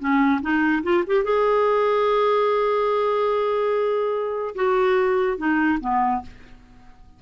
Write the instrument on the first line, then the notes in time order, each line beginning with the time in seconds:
clarinet
0.00 C#4
0.42 D#4
0.84 F4
1.07 G4
1.24 G#4
4.56 F#4
5.38 D#4
5.81 B3